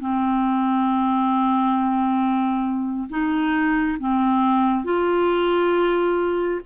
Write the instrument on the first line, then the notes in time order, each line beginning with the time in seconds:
clarinet
0.00 C4
3.10 D#4
4.00 C4
4.84 F4